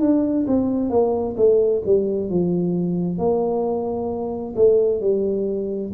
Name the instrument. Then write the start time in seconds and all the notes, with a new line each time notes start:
tuba
0.00 D4
0.47 C4
0.90 A#3
1.36 A3
1.85 G3
2.29 F3
3.18 A#3
4.55 A3
5.00 G3